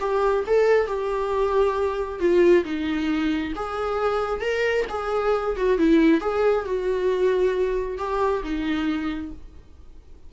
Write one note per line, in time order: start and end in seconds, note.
0.00 0.44 G4
0.47 0.87 A4
0.87 2.19 G4
2.19 2.64 F4
2.64 3.53 D#4
3.56 4.41 G#4
4.41 4.85 A#4
4.89 5.56 G#4
5.56 5.78 F#4
5.78 6.21 E4
6.21 6.65 G#4
6.65 7.98 F#4
7.98 8.42 G4
8.43 9.32 D#4